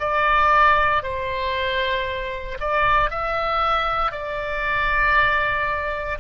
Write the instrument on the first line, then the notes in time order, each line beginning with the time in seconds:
oboe
0.00 D5
1.03 C5
2.61 D5
3.11 E5
4.12 D5